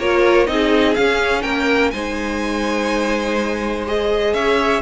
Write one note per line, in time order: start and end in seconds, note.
0.00 0.48 A#3
0.00 0.47 F4
0.00 0.49 A#4
0.00 0.47 C#5
0.47 0.96 C4
0.47 0.96 D#4
0.47 1.43 G#4
0.47 0.95 D#5
0.95 1.94 C#4
0.95 1.45 C#4
0.95 1.42 F5
1.42 1.93 A#3
1.42 1.91 A#4
1.42 1.91 G5
1.91 4.34 G#3
1.91 3.87 D#4
1.91 4.34 C5
1.91 3.84 G#5
3.87 4.83 G#4
3.87 4.34 D#5
4.34 4.82 C#4
4.34 4.83 C#5
4.34 4.82 E5